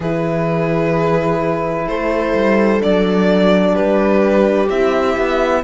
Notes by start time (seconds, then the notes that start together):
0.00 E3 E4 G#4 B4
1.87 A3 A4 C5
2.34 G3
2.80 F#3 D4 D5
3.73 G3 G4 B4
4.69 C4 E4 E5
5.17 B3